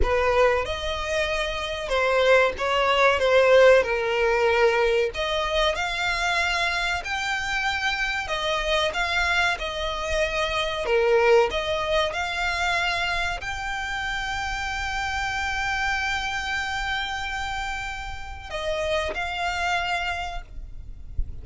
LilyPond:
\new Staff \with { instrumentName = "violin" } { \time 4/4 \tempo 4 = 94 b'4 dis''2 c''4 | cis''4 c''4 ais'2 | dis''4 f''2 g''4~ | g''4 dis''4 f''4 dis''4~ |
dis''4 ais'4 dis''4 f''4~ | f''4 g''2.~ | g''1~ | g''4 dis''4 f''2 | }